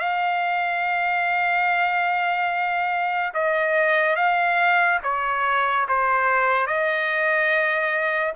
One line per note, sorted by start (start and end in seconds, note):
0.00 3.33 F5
3.35 4.17 D#5
4.17 5.00 F5
5.04 5.87 C#5
5.89 6.67 C5
6.67 8.34 D#5